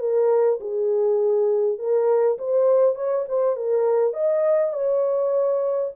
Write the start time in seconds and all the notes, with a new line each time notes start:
0.00 A#4
0.60 G#4
1.79 A#4
2.39 C5
2.96 C#5
3.29 C5
3.57 A#4
4.14 D#5
4.73 C#5